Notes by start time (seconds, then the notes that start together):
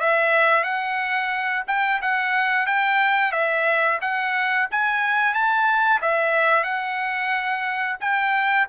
0.00 E5
0.64 F#5
1.67 G5
2.02 F#5
2.66 G5
3.32 E5
4.01 F#5
4.71 G#5
5.34 A5
6.02 E5
6.64 F#5
8.00 G5